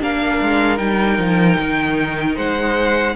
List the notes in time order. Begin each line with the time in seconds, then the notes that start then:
0.00 A#3 D4 A#4 F5
0.41 G#3
0.77 G3 D#4 G5
1.17 F3
1.58 D#3
2.36 G#3 C5 F#5